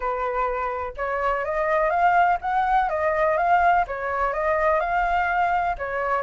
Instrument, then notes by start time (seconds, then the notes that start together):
flute
0.00 B4
0.96 C#5
1.44 D#5
1.90 F5
2.41 F#5
2.89 D#5
3.37 F5
3.87 C#5
4.33 D#5
4.80 F5
5.77 C#5